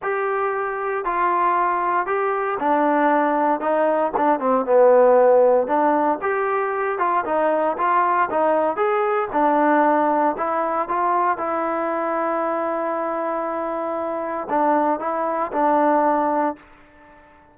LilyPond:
\new Staff \with { instrumentName = "trombone" } { \time 4/4 \tempo 4 = 116 g'2 f'2 | g'4 d'2 dis'4 | d'8 c'8 b2 d'4 | g'4. f'8 dis'4 f'4 |
dis'4 gis'4 d'2 | e'4 f'4 e'2~ | e'1 | d'4 e'4 d'2 | }